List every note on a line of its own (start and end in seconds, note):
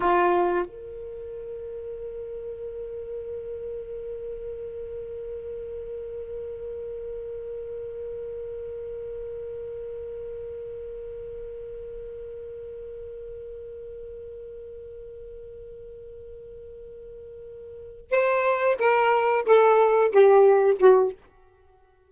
0.00 0.64 F4
0.67 18.10 A#4
18.10 18.76 C5
18.79 19.44 A#4
19.45 20.11 A4
20.11 20.77 G4
20.78 21.11 F#4